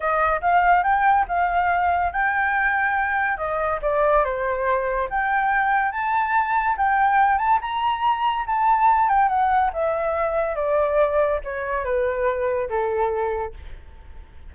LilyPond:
\new Staff \with { instrumentName = "flute" } { \time 4/4 \tempo 4 = 142 dis''4 f''4 g''4 f''4~ | f''4 g''2. | dis''4 d''4 c''2 | g''2 a''2 |
g''4. a''8 ais''2 | a''4. g''8 fis''4 e''4~ | e''4 d''2 cis''4 | b'2 a'2 | }